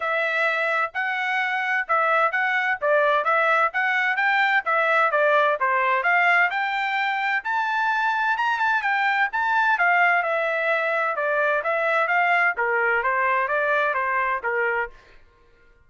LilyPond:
\new Staff \with { instrumentName = "trumpet" } { \time 4/4 \tempo 4 = 129 e''2 fis''2 | e''4 fis''4 d''4 e''4 | fis''4 g''4 e''4 d''4 | c''4 f''4 g''2 |
a''2 ais''8 a''8 g''4 | a''4 f''4 e''2 | d''4 e''4 f''4 ais'4 | c''4 d''4 c''4 ais'4 | }